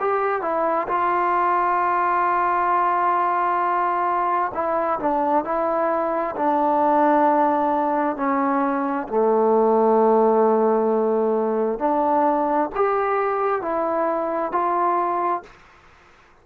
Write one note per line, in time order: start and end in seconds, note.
0.00 0.42 G4
0.42 0.87 E4
0.88 4.52 F4
4.54 4.99 E4
5.00 5.44 D4
5.44 6.35 E4
6.36 8.17 D4
8.17 9.07 C#4
9.08 11.79 A3
11.79 12.69 D4
12.75 13.62 G4
13.62 14.52 E4
14.52 15.43 F4